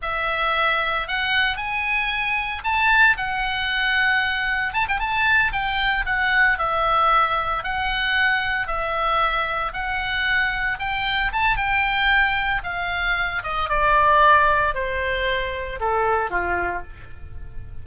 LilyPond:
\new Staff \with { instrumentName = "oboe" } { \time 4/4 \tempo 4 = 114 e''2 fis''4 gis''4~ | gis''4 a''4 fis''2~ | fis''4 a''16 g''16 a''4 g''4 fis''8~ | fis''8 e''2 fis''4.~ |
fis''8 e''2 fis''4.~ | fis''8 g''4 a''8 g''2 | f''4. dis''8 d''2 | c''2 a'4 f'4 | }